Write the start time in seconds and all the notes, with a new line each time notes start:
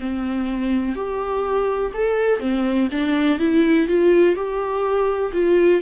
0.00 C4
0.95 G4
1.94 A4
2.40 C4
2.91 D4
3.39 E4
3.88 F4
4.35 G4
5.33 F4